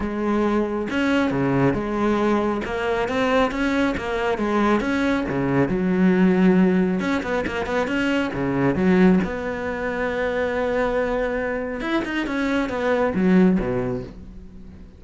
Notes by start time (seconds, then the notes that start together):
0.00 G#3
0.90 C#4
1.30 C#3
1.73 G#3
2.64 A#3
3.08 C4
3.51 C#4
3.97 A#3
4.38 G#3
4.80 C#4
5.29 C#3
5.68 F#3
7.00 C#4
7.22 B3
7.46 A#3
7.65 B3
7.87 C#4
8.33 C#3
8.75 F#3
9.24 B3
11.80 E4
12.04 D#4
12.26 C#4
12.69 B3
13.14 F#3
13.59 B2